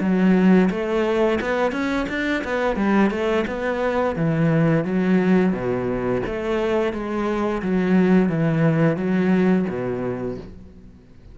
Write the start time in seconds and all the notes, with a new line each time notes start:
0.00 F#3
0.70 A3
1.41 B3
1.71 C#4
2.08 D4
2.44 B3
2.76 G3
3.10 A3
3.47 B3
4.16 E3
4.84 F#3
5.52 B2
6.26 A3
6.93 G#3
7.62 F#3
8.29 E3
8.96 F#3
9.69 B2